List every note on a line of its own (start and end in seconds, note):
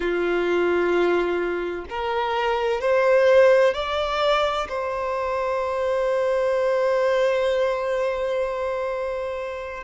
0.00 1.85 F4
1.89 2.80 A#4
2.80 3.74 C5
3.74 4.67 D5
4.68 9.84 C5